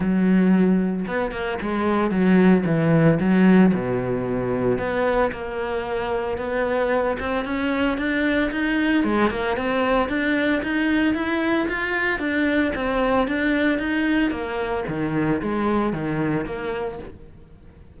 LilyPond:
\new Staff \with { instrumentName = "cello" } { \time 4/4 \tempo 4 = 113 fis2 b8 ais8 gis4 | fis4 e4 fis4 b,4~ | b,4 b4 ais2 | b4. c'8 cis'4 d'4 |
dis'4 gis8 ais8 c'4 d'4 | dis'4 e'4 f'4 d'4 | c'4 d'4 dis'4 ais4 | dis4 gis4 dis4 ais4 | }